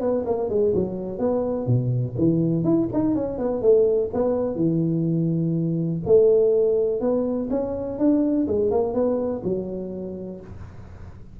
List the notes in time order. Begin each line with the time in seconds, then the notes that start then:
0.00 B3
0.26 A#3
0.49 G#3
0.74 F#3
1.18 B3
1.66 B2
2.18 E3
2.64 E4
2.93 D#4
3.15 C#4
3.38 B3
3.61 A3
4.13 B3
4.55 E3
6.05 A3
7.00 B3
7.50 C#4
7.98 D4
8.47 G#3
8.71 A#3
8.93 B3
9.43 F#3